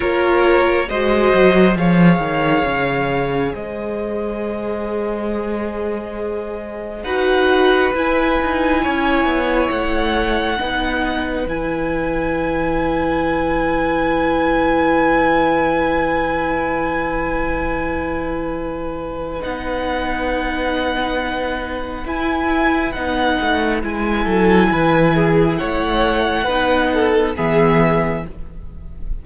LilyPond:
<<
  \new Staff \with { instrumentName = "violin" } { \time 4/4 \tempo 4 = 68 cis''4 dis''4 f''2 | dis''1 | fis''4 gis''2 fis''4~ | fis''4 gis''2.~ |
gis''1~ | gis''2 fis''2~ | fis''4 gis''4 fis''4 gis''4~ | gis''4 fis''2 e''4 | }
  \new Staff \with { instrumentName = "violin" } { \time 4/4 ais'4 c''4 cis''2 | c''1 | b'2 cis''2 | b'1~ |
b'1~ | b'1~ | b'2.~ b'8 a'8 | b'8 gis'8 cis''4 b'8 a'8 gis'4 | }
  \new Staff \with { instrumentName = "viola" } { \time 4/4 f'4 fis'4 gis'2~ | gis'1 | fis'4 e'2. | dis'4 e'2.~ |
e'1~ | e'2 dis'2~ | dis'4 e'4 dis'4 e'4~ | e'2 dis'4 b4 | }
  \new Staff \with { instrumentName = "cello" } { \time 4/4 ais4 gis8 fis8 f8 dis8 cis4 | gis1 | dis'4 e'8 dis'8 cis'8 b8 a4 | b4 e2.~ |
e1~ | e2 b2~ | b4 e'4 b8 a8 gis8 fis8 | e4 a4 b4 e4 | }
>>